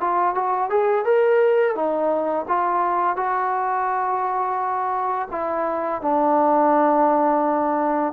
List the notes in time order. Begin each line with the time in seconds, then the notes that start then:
0.00 F4
0.35 F#4
0.70 G#4
1.05 A#4
1.75 D#4
2.48 F4
3.16 F#4
5.31 E4
6.01 D4